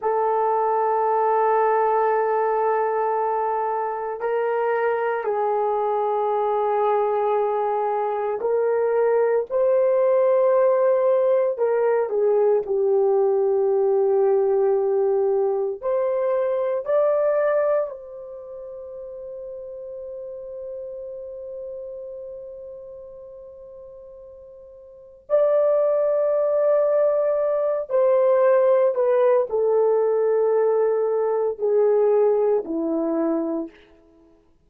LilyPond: \new Staff \with { instrumentName = "horn" } { \time 4/4 \tempo 4 = 57 a'1 | ais'4 gis'2. | ais'4 c''2 ais'8 gis'8 | g'2. c''4 |
d''4 c''2.~ | c''1 | d''2~ d''8 c''4 b'8 | a'2 gis'4 e'4 | }